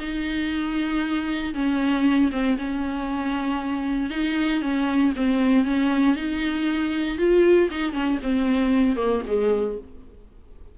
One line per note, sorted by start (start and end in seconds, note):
0.00 1.54 D#4
1.54 2.31 C#4
2.32 2.58 C4
2.58 4.10 C#4
4.10 4.62 D#4
4.62 5.13 C#4
5.16 5.65 C4
5.65 6.16 C#4
6.16 7.18 D#4
7.18 7.69 F4
7.71 7.93 D#4
7.93 8.19 C#4
8.23 8.96 C4
8.96 9.22 A#3
9.27 9.78 G#3